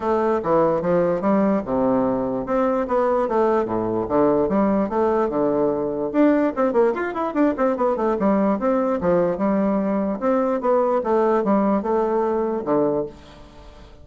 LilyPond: \new Staff \with { instrumentName = "bassoon" } { \time 4/4 \tempo 4 = 147 a4 e4 f4 g4 | c2 c'4 b4 | a4 a,4 d4 g4 | a4 d2 d'4 |
c'8 ais8 f'8 e'8 d'8 c'8 b8 a8 | g4 c'4 f4 g4~ | g4 c'4 b4 a4 | g4 a2 d4 | }